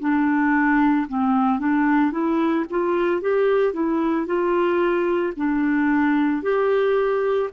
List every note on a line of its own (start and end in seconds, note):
0.00 1.07 D4
1.08 1.59 C4
1.59 2.12 D4
2.12 2.65 E4
2.70 3.21 F4
3.21 3.74 G4
3.74 4.27 E4
4.27 5.34 F4
5.37 6.43 D4
6.43 7.50 G4